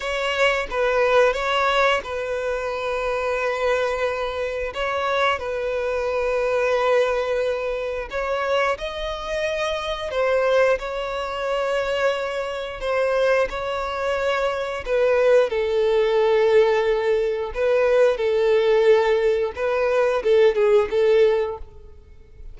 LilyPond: \new Staff \with { instrumentName = "violin" } { \time 4/4 \tempo 4 = 89 cis''4 b'4 cis''4 b'4~ | b'2. cis''4 | b'1 | cis''4 dis''2 c''4 |
cis''2. c''4 | cis''2 b'4 a'4~ | a'2 b'4 a'4~ | a'4 b'4 a'8 gis'8 a'4 | }